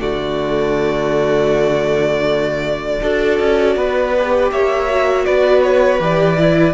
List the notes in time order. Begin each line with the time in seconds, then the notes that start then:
0.00 D3 A3 F#4 D5
3.02 D4 F#4 A4
3.40 C#4
3.76 B3 B4
4.18 G4
4.51 A#3 C#5 E5
4.89 F#4
5.25 B3 B4 D5
5.63 C#5
6.00 E3 G4 D5
6.38 E4